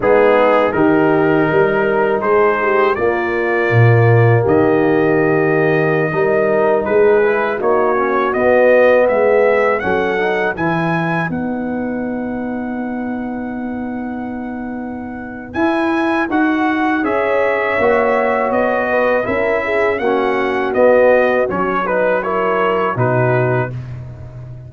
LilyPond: <<
  \new Staff \with { instrumentName = "trumpet" } { \time 4/4 \tempo 4 = 81 gis'4 ais'2 c''4 | d''2 dis''2~ | dis''4~ dis''16 b'4 cis''4 dis''8.~ | dis''16 e''4 fis''4 gis''4 fis''8.~ |
fis''1~ | fis''4 gis''4 fis''4 e''4~ | e''4 dis''4 e''4 fis''4 | dis''4 cis''8 b'8 cis''4 b'4 | }
  \new Staff \with { instrumentName = "horn" } { \time 4/4 dis'4 g'4 ais'4 gis'8 g'8 | f'2 g'2~ | g'16 ais'4 gis'4 fis'4.~ fis'16~ | fis'16 gis'4 a'4 b'4.~ b'16~ |
b'1~ | b'2. cis''4~ | cis''4. b'8 ais'8 gis'8 fis'4~ | fis'4. b'8 ais'4 fis'4 | }
  \new Staff \with { instrumentName = "trombone" } { \time 4/4 b4 dis'2. | ais1~ | ais16 dis'4. e'8 dis'8 cis'8 b8.~ | b4~ b16 cis'8 dis'8 e'4 dis'8.~ |
dis'1~ | dis'4 e'4 fis'4 gis'4 | fis'2 e'4 cis'4 | b4 cis'8 dis'8 e'4 dis'4 | }
  \new Staff \with { instrumentName = "tuba" } { \time 4/4 gis4 dis4 g4 gis4 | ais4 ais,4 dis2~ | dis16 g4 gis4 ais4 b8.~ | b16 gis4 fis4 e4 b8.~ |
b1~ | b4 e'4 dis'4 cis'4 | ais4 b4 cis'4 ais4 | b4 fis2 b,4 | }
>>